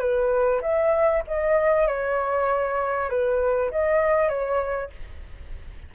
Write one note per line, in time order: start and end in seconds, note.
0.00 0.61 B4
0.62 1.23 E5
1.27 1.88 D#5
1.88 3.10 C#5
3.10 3.71 B4
3.72 4.29 D#5
4.29 4.91 C#5